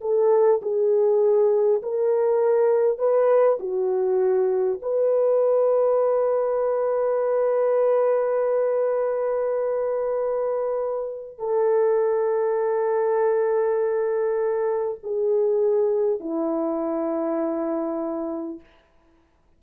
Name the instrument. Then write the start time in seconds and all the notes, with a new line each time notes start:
horn
0.00 A4
0.62 G#4
1.82 A#4
2.98 B4
3.59 F#4
4.82 B4
11.38 A4
15.03 G#4
16.20 E4